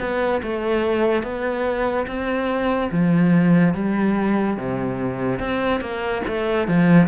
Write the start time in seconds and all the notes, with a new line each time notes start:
0.00 B3
0.42 A3
1.23 B3
2.07 C4
2.92 F3
3.74 G3
4.57 C3
5.39 C4
5.81 A#3
6.27 A3
6.68 F3